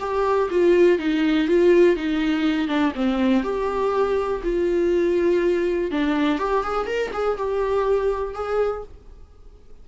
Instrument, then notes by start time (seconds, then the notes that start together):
viola
0.00 G4
0.50 F4
0.99 D#4
1.48 F4
1.96 D#4
2.68 D4
2.95 C4
3.44 G4
4.44 F4
5.91 D4
6.39 G4
6.63 G#4
6.87 A#4
7.13 G#4
7.38 G4
8.34 G#4